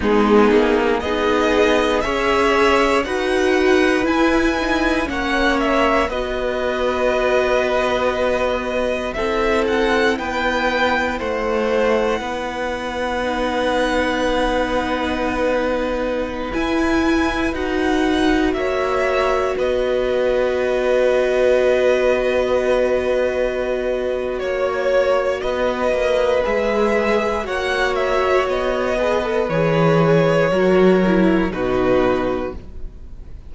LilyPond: <<
  \new Staff \with { instrumentName = "violin" } { \time 4/4 \tempo 4 = 59 gis'4 dis''4 e''4 fis''4 | gis''4 fis''8 e''8 dis''2~ | dis''4 e''8 fis''8 g''4 fis''4~ | fis''1~ |
fis''16 gis''4 fis''4 e''4 dis''8.~ | dis''1 | cis''4 dis''4 e''4 fis''8 e''8 | dis''4 cis''2 b'4 | }
  \new Staff \with { instrumentName = "violin" } { \time 4/4 dis'4 gis'4 cis''4 b'4~ | b'4 cis''4 b'2~ | b'4 a'4 b'4 c''4 | b'1~ |
b'2~ b'16 cis''4 b'8.~ | b'1 | cis''4 b'2 cis''4~ | cis''8 b'4. ais'4 fis'4 | }
  \new Staff \with { instrumentName = "viola" } { \time 4/4 b4 dis'4 gis'4 fis'4 | e'8 dis'8 cis'4 fis'2~ | fis'4 e'2.~ | e'4 dis'2.~ |
dis'16 e'4 fis'2~ fis'8.~ | fis'1~ | fis'2 gis'4 fis'4~ | fis'8 gis'16 a'16 gis'4 fis'8 e'8 dis'4 | }
  \new Staff \with { instrumentName = "cello" } { \time 4/4 gis8 ais8 b4 cis'4 dis'4 | e'4 ais4 b2~ | b4 c'4 b4 a4 | b1~ |
b16 e'4 dis'4 ais4 b8.~ | b1 | ais4 b8 ais8 gis4 ais4 | b4 e4 fis4 b,4 | }
>>